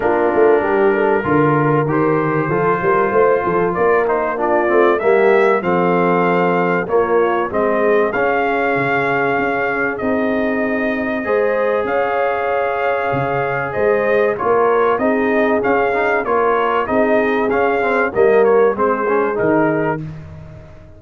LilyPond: <<
  \new Staff \with { instrumentName = "trumpet" } { \time 4/4 \tempo 4 = 96 ais'2. c''4~ | c''2 d''8 c''8 d''4 | e''4 f''2 cis''4 | dis''4 f''2. |
dis''2. f''4~ | f''2 dis''4 cis''4 | dis''4 f''4 cis''4 dis''4 | f''4 dis''8 cis''8 c''4 ais'4 | }
  \new Staff \with { instrumentName = "horn" } { \time 4/4 f'4 g'8 a'8 ais'2 | a'8 ais'8 c''8 a'8 ais'4 f'4 | g'4 a'2 f'4 | gis'1~ |
gis'2 c''4 cis''4~ | cis''2 c''4 ais'4 | gis'2 ais'4 gis'4~ | gis'4 ais'4 gis'2 | }
  \new Staff \with { instrumentName = "trombone" } { \time 4/4 d'2 f'4 g'4 | f'2~ f'8 dis'8 d'8 c'8 | ais4 c'2 ais4 | c'4 cis'2. |
dis'2 gis'2~ | gis'2. f'4 | dis'4 cis'8 dis'8 f'4 dis'4 | cis'8 c'8 ais4 c'8 cis'8 dis'4 | }
  \new Staff \with { instrumentName = "tuba" } { \time 4/4 ais8 a8 g4 d4 dis4 | f8 g8 a8 f8 ais4. a8 | g4 f2 ais4 | gis4 cis'4 cis4 cis'4 |
c'2 gis4 cis'4~ | cis'4 cis4 gis4 ais4 | c'4 cis'4 ais4 c'4 | cis'4 g4 gis4 dis4 | }
>>